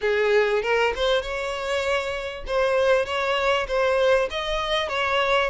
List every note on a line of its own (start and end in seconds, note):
0.01 0.62 G#4
0.62 0.93 A#4
0.95 1.21 C5
1.21 2.44 C#5
2.47 3.05 C5
3.05 3.66 C#5
3.67 4.29 C5
4.30 4.88 D#5
4.88 5.50 C#5